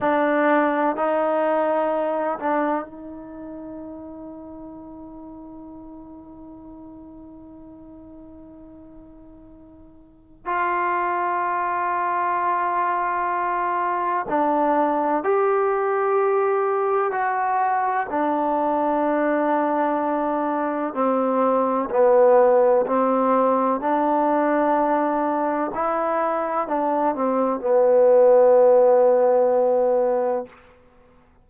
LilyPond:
\new Staff \with { instrumentName = "trombone" } { \time 4/4 \tempo 4 = 63 d'4 dis'4. d'8 dis'4~ | dis'1~ | dis'2. f'4~ | f'2. d'4 |
g'2 fis'4 d'4~ | d'2 c'4 b4 | c'4 d'2 e'4 | d'8 c'8 b2. | }